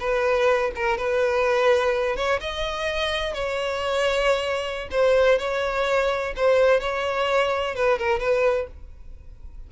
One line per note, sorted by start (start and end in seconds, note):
0.00 0.71 B4
0.76 0.98 A#4
0.98 2.16 B4
2.16 2.40 C#5
2.41 3.34 D#5
3.34 4.89 C#5
4.91 5.39 C5
5.39 6.34 C#5
6.36 6.80 C5
6.80 7.75 C#5
7.75 7.99 B4
7.99 8.20 A#4
8.20 8.67 B4